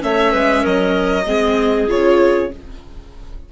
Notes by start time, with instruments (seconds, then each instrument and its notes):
0.00 bassoon A3, viola C#4, clarinet C#5, violin E5
0.32 bassoon G#3, clarinet B4
0.62 bassoon F#3, clarinet A#4, violin D#5
1.27 bassoon G#3, viola C4, clarinet G#4
1.88 bassoon C#3, viola F4, violin C#5